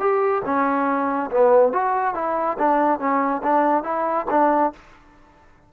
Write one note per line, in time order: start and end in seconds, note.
0.00 0.43 G4
0.45 1.30 C#4
1.31 1.73 B3
1.73 2.15 F#4
2.15 2.57 E4
2.58 2.99 D4
2.99 3.42 C#4
3.43 3.84 D4
3.84 4.26 E4
4.30 4.73 D4